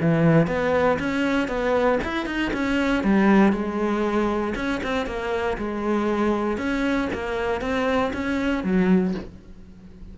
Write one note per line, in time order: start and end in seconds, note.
0.00 0.47 E3
0.47 0.98 B3
0.99 1.47 C#4
1.47 1.98 B3
2.03 2.26 E4
2.26 2.51 D#4
2.53 3.03 C#4
3.03 3.52 G3
3.52 4.54 G#3
4.55 4.81 C#4
4.83 5.06 C4
5.06 5.57 A#3
5.57 6.57 G#3
6.57 7.08 C#4
7.13 7.61 A#3
7.61 8.11 C4
8.13 8.63 C#4
8.63 9.14 F#3